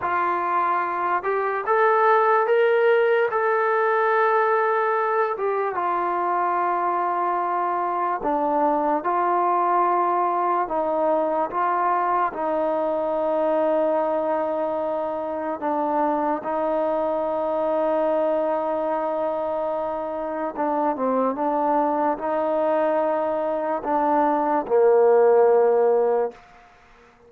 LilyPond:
\new Staff \with { instrumentName = "trombone" } { \time 4/4 \tempo 4 = 73 f'4. g'8 a'4 ais'4 | a'2~ a'8 g'8 f'4~ | f'2 d'4 f'4~ | f'4 dis'4 f'4 dis'4~ |
dis'2. d'4 | dis'1~ | dis'4 d'8 c'8 d'4 dis'4~ | dis'4 d'4 ais2 | }